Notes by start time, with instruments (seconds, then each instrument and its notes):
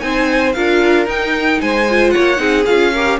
0.00 cello C4, viola D#4, violin C5 G#5
0.53 cello D4, viola F4, violin A#4 F5
1.06 cello D#4, viola D#4, violin G5
1.61 cello G#3, violin C5 G#5
1.90 viola F4
2.10 violin C#5 F#5
2.17 cello A#3
2.37 cello C4, viola D#4, violin G#4
2.65 cello C#4, viola F4, violin F5
2.92 viola G4, violin A#4